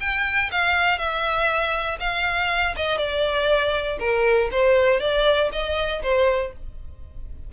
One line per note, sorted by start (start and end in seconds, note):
0.00 0.50 G5
0.51 0.98 F5
0.98 1.98 E5
2.00 2.75 F5
2.76 2.97 D#5
2.97 3.97 D5
3.99 4.49 A#4
4.51 5.00 C5
5.00 5.50 D5
5.52 6.02 D#5
6.02 6.52 C5